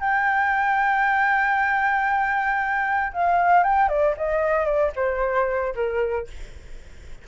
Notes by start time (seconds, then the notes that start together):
0.00 G5
3.14 F5
3.64 G5
3.89 D5
4.17 D#5
4.66 D5
4.96 C5
5.76 A#4